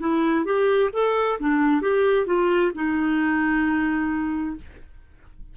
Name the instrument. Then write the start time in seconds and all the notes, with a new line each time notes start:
clarinet
0.00 E4
0.45 G4
0.93 A4
1.40 D4
1.82 G4
2.26 F4
2.75 D#4